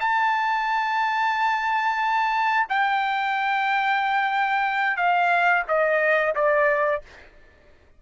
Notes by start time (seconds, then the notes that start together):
0.00 A5
2.69 G5
4.97 F5
5.68 D#5
6.35 D5